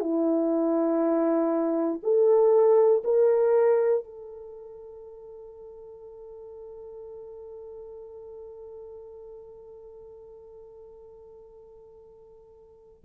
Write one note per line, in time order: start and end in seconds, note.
0.00 2.00 E4
2.02 3.02 A4
3.04 4.04 A#4
4.04 13.04 A4